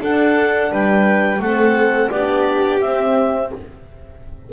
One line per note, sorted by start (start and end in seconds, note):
0.00 1.40 D4
0.00 0.71 D4
0.00 0.71 A4
0.00 0.73 F#5
0.71 1.39 G3
0.71 1.41 B4
0.71 1.41 G5
1.39 2.09 A3
1.39 2.12 C4
1.39 2.11 A4
1.39 2.10 F#5
2.10 2.82 B3
2.10 2.82 D4
2.10 3.50 G4
2.10 2.80 D5
2.80 3.51 C4
2.80 3.52 C4
2.80 3.50 E5